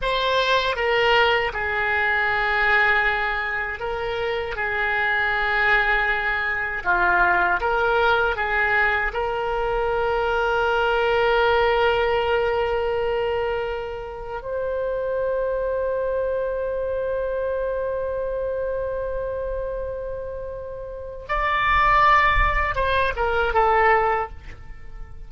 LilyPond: \new Staff \with { instrumentName = "oboe" } { \time 4/4 \tempo 4 = 79 c''4 ais'4 gis'2~ | gis'4 ais'4 gis'2~ | gis'4 f'4 ais'4 gis'4 | ais'1~ |
ais'2. c''4~ | c''1~ | c''1 | d''2 c''8 ais'8 a'4 | }